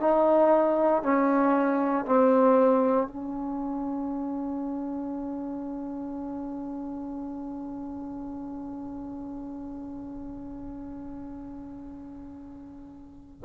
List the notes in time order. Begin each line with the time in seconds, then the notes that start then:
0.00 D#4
1.03 C#4
2.06 C4
3.08 C#4